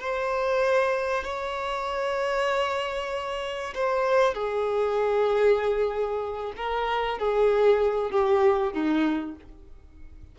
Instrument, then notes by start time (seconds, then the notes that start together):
violin
0.00 C5
1.24 C#5
3.75 C5
4.34 G#4
6.57 A#4
7.19 G#4
8.11 G4
8.73 D#4